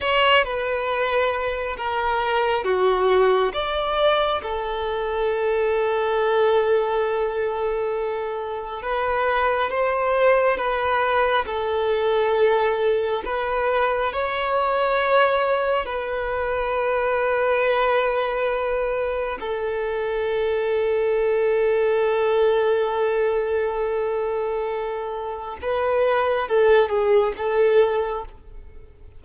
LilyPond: \new Staff \with { instrumentName = "violin" } { \time 4/4 \tempo 4 = 68 cis''8 b'4. ais'4 fis'4 | d''4 a'2.~ | a'2 b'4 c''4 | b'4 a'2 b'4 |
cis''2 b'2~ | b'2 a'2~ | a'1~ | a'4 b'4 a'8 gis'8 a'4 | }